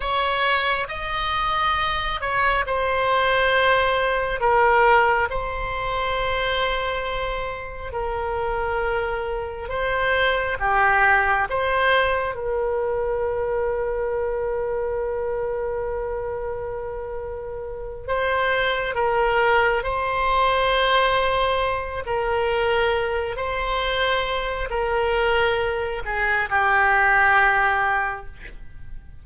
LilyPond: \new Staff \with { instrumentName = "oboe" } { \time 4/4 \tempo 4 = 68 cis''4 dis''4. cis''8 c''4~ | c''4 ais'4 c''2~ | c''4 ais'2 c''4 | g'4 c''4 ais'2~ |
ais'1~ | ais'8 c''4 ais'4 c''4.~ | c''4 ais'4. c''4. | ais'4. gis'8 g'2 | }